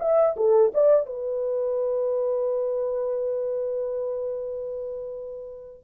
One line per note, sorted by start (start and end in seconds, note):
0.00 0.36 E5
0.37 0.72 A4
0.74 1.06 D5
1.06 5.84 B4